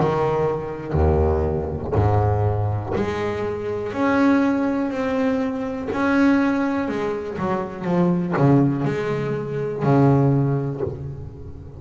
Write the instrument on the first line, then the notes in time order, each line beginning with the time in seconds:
double bass
0.00 D#3
0.93 D#2
1.94 G#2
2.95 G#3
3.93 C#4
4.90 C4
5.92 C#4
6.88 G#3
7.38 F#3
7.84 F3
8.37 C#3
8.84 G#3
9.82 C#3